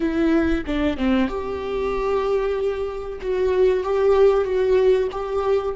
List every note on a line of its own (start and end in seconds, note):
0.00 0.64 E4
0.66 0.97 D4
0.97 1.28 C4
1.28 3.19 G4
3.21 3.83 F#4
3.83 4.44 G4
4.44 5.08 F#4
5.11 5.75 G4